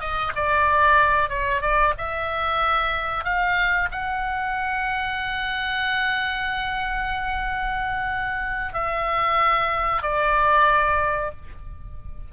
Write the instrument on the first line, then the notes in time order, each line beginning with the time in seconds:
oboe
0.00 D#5
0.35 D5
1.29 C#5
1.61 D5
1.98 E5
3.24 F5
3.91 F#5
8.74 E5
10.02 D5